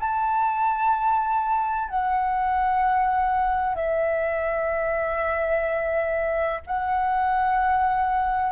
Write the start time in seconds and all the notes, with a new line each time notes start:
0.00 A5
1.89 F#5
3.75 E5
6.67 F#5